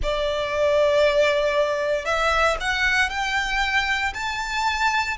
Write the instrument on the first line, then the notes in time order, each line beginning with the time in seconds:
violin
0.03 D5
2.05 E5
2.60 F#5
3.09 G5
4.13 A5